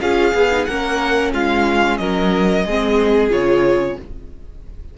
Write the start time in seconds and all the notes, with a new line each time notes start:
0.00 C#4 F4 G#4 F5
0.34 B3 G#4
0.51 D#4
0.65 A#3 C#4 A#4 F#5
1.33 G#3 F4 F5
1.97 F#3 A#4 D#5
2.65 G#3 C4 G#4
3.30 C#3 F4 C#5